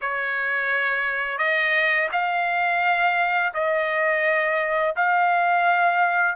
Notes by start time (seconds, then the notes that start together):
0.01 C#5
1.38 D#5
2.12 F5
3.54 D#5
4.96 F5